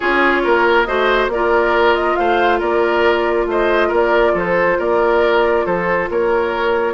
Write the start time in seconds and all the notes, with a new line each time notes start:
0.00 C#4 F4 G#4 C#5
0.44 A#3 A#4
0.84 A3 F#4 C5 D#5
1.27 A#3 A#4 D5
1.34 F4
1.94 D#5
2.16 A3 C5 F5
2.59 A#3 A#4 D5
3.46 A3 C5 D#5
3.88 A#3 A#4
3.95 D5
4.34 F3 A4 C5
4.78 A#3 A#4 D5
5.65 F3 A4 C5
6.09 A#3 A#4 C#5